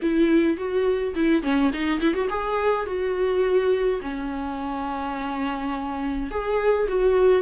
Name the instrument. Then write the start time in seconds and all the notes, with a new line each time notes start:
viola
0.02 E4
0.57 F#4
1.15 E4
1.42 C#4
1.73 D#4
2.00 E4
2.14 F#4
2.29 G#4
2.86 F#4
4.01 C#4
6.30 G#4
6.88 F#4